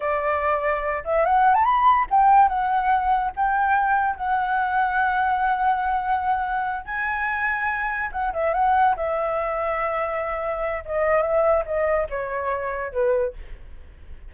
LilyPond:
\new Staff \with { instrumentName = "flute" } { \time 4/4 \tempo 4 = 144 d''2~ d''8 e''8 fis''8. a''16 | b''4 g''4 fis''2 | g''2 fis''2~ | fis''1~ |
fis''8 gis''2. fis''8 | e''8 fis''4 e''2~ e''8~ | e''2 dis''4 e''4 | dis''4 cis''2 b'4 | }